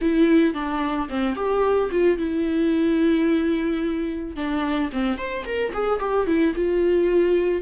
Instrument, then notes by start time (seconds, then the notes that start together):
viola
0.01 E4
0.53 D4
1.09 C4
1.35 G4
1.91 F4
2.17 E4
4.35 D4
4.92 C4
5.17 C5
5.45 A#4
5.73 G#4
5.99 G4
6.26 E4
6.55 F4